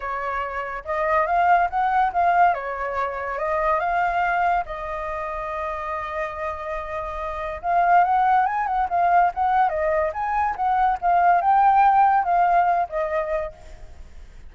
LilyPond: \new Staff \with { instrumentName = "flute" } { \time 4/4 \tempo 4 = 142 cis''2 dis''4 f''4 | fis''4 f''4 cis''2 | dis''4 f''2 dis''4~ | dis''1~ |
dis''2 f''4 fis''4 | gis''8 fis''8 f''4 fis''4 dis''4 | gis''4 fis''4 f''4 g''4~ | g''4 f''4. dis''4. | }